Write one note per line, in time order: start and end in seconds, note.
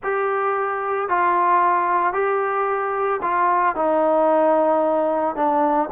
0.03 1.08 G4
1.08 2.13 F4
2.13 3.20 G4
3.21 3.75 F4
3.75 5.35 D#4
5.35 5.89 D4